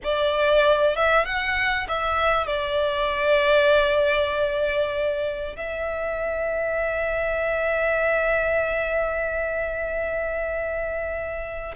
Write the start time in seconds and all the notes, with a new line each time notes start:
0.03 D5
0.96 E5
1.25 F#5
1.88 E5
2.47 D5
5.56 E5